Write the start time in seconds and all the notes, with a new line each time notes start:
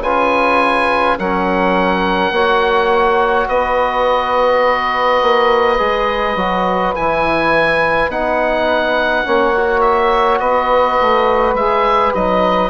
0.00 C#3 F4 B4 G#5
1.17 F#3 C#4 A#4 F#5
2.31 A#3 F#4 C#5
3.48 B3 B4 D#5
5.22 A#3
5.78 G#3 G#4
6.36 F#3 F#4
6.95 E3 E4 G#5
8.07 B3 D#4 F#5
9.25 A#3 C#4 C#5
9.56 F#4
9.80 E5
10.39 B3 B4 D#5
11.01 A3
11.53 G#3 G#4 E5
12.14 F#3 D#4 D#5